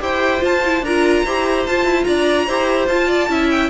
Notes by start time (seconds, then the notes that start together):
0.00 E4 G4 C5 G5
0.39 F4
0.45 A5
0.65 E4
0.82 D4 F4 A#4 A#5
1.24 E4 G4 C5
1.67 F4 A5
1.85 E4
2.04 D4 D5 A#5
2.47 E4 G4 C5
2.88 F4 A5
3.08 D5
3.29 C#4 E4 E5
3.51 G5